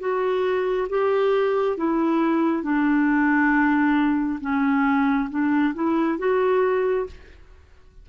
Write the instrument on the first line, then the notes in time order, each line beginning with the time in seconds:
clarinet
0.00 F#4
0.89 G4
1.77 E4
2.63 D4
4.41 C#4
5.30 D4
5.75 E4
6.18 F#4